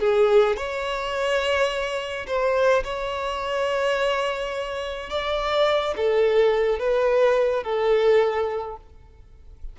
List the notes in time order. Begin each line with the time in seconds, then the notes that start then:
0.00 G#4
0.57 C#5
2.27 C5
2.84 C#5
5.10 D5
5.97 A4
6.79 B4
7.63 A4